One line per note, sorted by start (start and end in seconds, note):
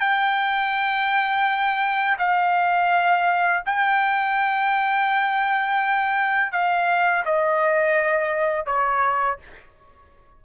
0.00 2.17 G5
2.19 3.63 F5
3.66 6.52 G5
6.52 7.24 F5
7.25 8.66 D#5
8.66 9.38 C#5